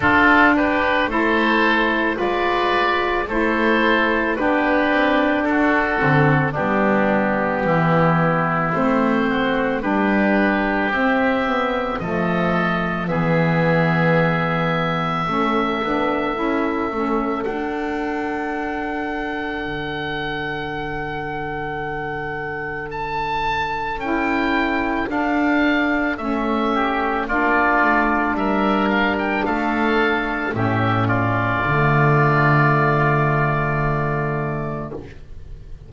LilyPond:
<<
  \new Staff \with { instrumentName = "oboe" } { \time 4/4 \tempo 4 = 55 a'8 b'8 c''4 d''4 c''4 | b'4 a'4 g'2 | c''4 b'4 e''4 dis''4 | e''1 |
fis''1~ | fis''4 a''4 g''4 f''4 | e''4 d''4 e''8 f''16 g''16 f''4 | e''8 d''2.~ d''8 | }
  \new Staff \with { instrumentName = "oboe" } { \time 4/4 f'8 g'8 a'4 b'4 a'4 | g'4 fis'4 d'4 e'4~ | e'8 fis'8 g'2 a'4 | gis'2 a'2~ |
a'1~ | a'1~ | a'8 g'8 f'4 ais'4 a'4 | g'8 f'2.~ f'8 | }
  \new Staff \with { instrumentName = "saxophone" } { \time 4/4 d'4 e'4 f'4 e'4 | d'4. c'8 b2 | c'4 d'4 c'8 b8 a4 | b2 cis'8 d'8 e'8 cis'8 |
d'1~ | d'2 e'4 d'4 | cis'4 d'2. | cis'4 a2. | }
  \new Staff \with { instrumentName = "double bass" } { \time 4/4 d'4 a4 gis4 a4 | b8 c'8 d'8 d8 g4 e4 | a4 g4 c'4 f4 | e2 a8 b8 cis'8 a8 |
d'2 d2~ | d2 cis'4 d'4 | a4 ais8 a8 g4 a4 | a,4 d2. | }
>>